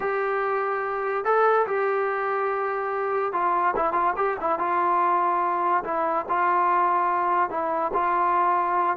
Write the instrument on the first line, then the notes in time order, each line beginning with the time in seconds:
trombone
0.00 G4
1.24 A4
1.66 G4
3.32 F4
3.76 E4
3.92 F4
4.16 G4
4.40 E4
4.58 F4
5.84 E4
6.28 F4
7.50 E4
7.93 F4